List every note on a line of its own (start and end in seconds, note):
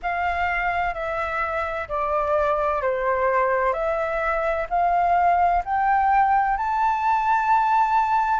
0.02 0.94 F5
0.94 1.87 E5
1.88 2.81 D5
2.81 3.73 C5
3.73 4.66 E5
4.69 5.63 F5
5.65 6.57 G5
6.57 8.40 A5